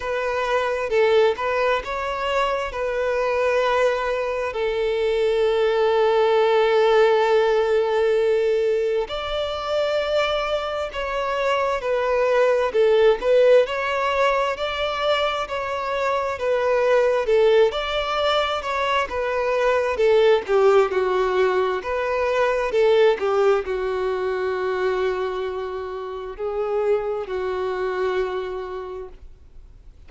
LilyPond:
\new Staff \with { instrumentName = "violin" } { \time 4/4 \tempo 4 = 66 b'4 a'8 b'8 cis''4 b'4~ | b'4 a'2.~ | a'2 d''2 | cis''4 b'4 a'8 b'8 cis''4 |
d''4 cis''4 b'4 a'8 d''8~ | d''8 cis''8 b'4 a'8 g'8 fis'4 | b'4 a'8 g'8 fis'2~ | fis'4 gis'4 fis'2 | }